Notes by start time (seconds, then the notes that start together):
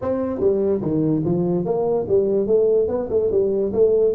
0.01 C4
0.39 G3
0.81 D#3
1.24 F3
1.65 A#3
2.08 G3
2.46 A3
2.87 B3
3.09 A3
3.31 G3
3.73 A3